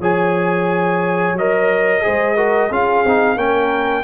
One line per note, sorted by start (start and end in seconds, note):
0.00 1.33 F3
0.00 1.37 G#4
0.00 2.03 C#5
0.00 1.38 G#5
1.33 2.00 F#3
1.33 2.73 D#5
1.39 2.02 A#4
2.02 2.71 G#3
2.02 2.36 G#4
2.02 2.37 C5
2.37 2.71 F#4
2.37 2.70 A#4
2.70 3.05 C#4
2.70 3.06 F4
2.70 3.37 G#4
2.70 3.39 F5
3.06 3.37 C4
3.06 3.37 D#4
3.37 4.04 A#3
3.37 4.04 C#4
3.37 4.04 A#4
3.37 4.04 G5